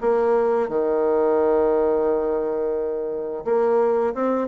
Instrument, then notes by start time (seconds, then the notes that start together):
bassoon
0.00 A#3
0.68 D#3
3.45 A#3
4.14 C4